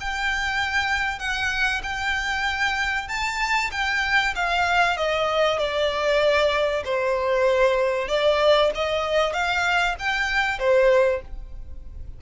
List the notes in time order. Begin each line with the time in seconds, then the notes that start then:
0.00 G5
1.19 F#5
1.83 G5
3.08 A5
3.71 G5
4.36 F5
4.97 D#5
5.59 D5
6.84 C5
8.08 D5
8.75 D#5
9.33 F5
9.99 G5
10.59 C5